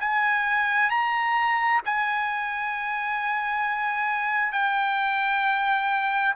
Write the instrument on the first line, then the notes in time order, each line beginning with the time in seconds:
trumpet
0.00 G#5
0.90 A#5
1.85 G#5
4.52 G5